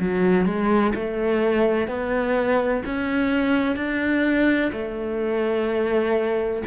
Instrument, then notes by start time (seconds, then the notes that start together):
cello
0.00 F#3
0.45 G#3
0.95 A3
1.87 B3
2.85 C#4
3.76 D4
4.72 A3